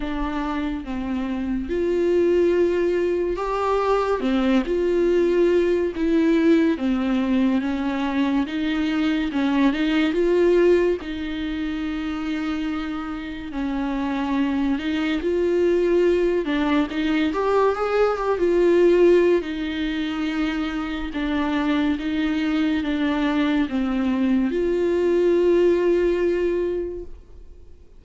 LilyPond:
\new Staff \with { instrumentName = "viola" } { \time 4/4 \tempo 4 = 71 d'4 c'4 f'2 | g'4 c'8 f'4. e'4 | c'4 cis'4 dis'4 cis'8 dis'8 | f'4 dis'2. |
cis'4. dis'8 f'4. d'8 | dis'8 g'8 gis'8 g'16 f'4~ f'16 dis'4~ | dis'4 d'4 dis'4 d'4 | c'4 f'2. | }